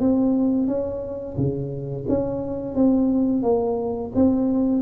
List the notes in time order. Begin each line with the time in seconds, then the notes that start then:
0.00 C4
0.67 C#4
1.37 C#3
2.09 C#4
2.75 C4
3.43 A#3
4.15 C4